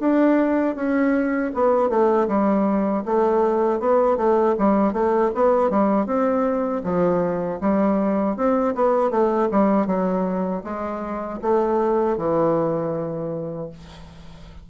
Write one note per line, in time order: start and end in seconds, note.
0.00 0.76 D4
0.76 1.52 C#4
1.55 1.90 B3
1.90 2.28 A3
2.28 3.04 G3
3.06 3.80 A3
3.80 4.17 B3
4.17 4.55 A3
4.59 4.93 G3
4.93 5.31 A3
5.35 5.71 B3
5.71 6.07 G3
6.07 6.83 C4
6.84 7.60 F3
7.61 8.37 G3
8.37 8.75 C4
8.75 9.11 B3
9.11 9.49 A3
9.52 9.87 G3
9.87 10.63 F#3
10.64 11.40 G#3
11.42 12.18 A3
12.18 13.70 E3